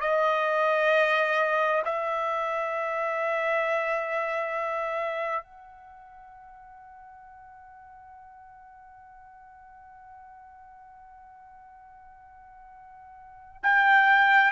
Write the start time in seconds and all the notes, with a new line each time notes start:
0.00 D#5
1.84 E5
5.43 F#5
13.63 G5